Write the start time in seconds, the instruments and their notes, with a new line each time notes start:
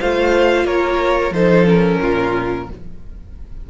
0.00 cello A3, viola F4, violin C5 F5
0.64 cello A#3, violin A#4 C#5
1.31 cello F3, viola D#4, violin A4 C5
1.66 viola C#4, violin A#4
2.02 cello A#2, violin F4